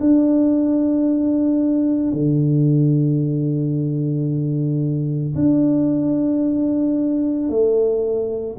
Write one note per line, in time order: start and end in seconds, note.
0.00 2.13 D4
2.13 5.34 D3
5.35 7.50 D4
7.50 8.57 A3